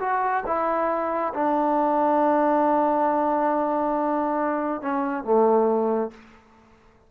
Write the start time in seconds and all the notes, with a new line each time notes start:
0.00 F#4
0.46 E4
1.34 D4
4.81 C#4
5.24 A3